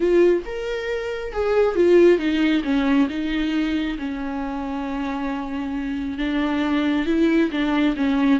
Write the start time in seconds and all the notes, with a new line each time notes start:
0.00 F4
0.45 A#4
1.32 G#4
1.75 F4
2.18 D#4
2.64 C#4
3.09 D#4
3.98 C#4
6.17 D4
7.06 E4
7.51 D4
7.96 C#4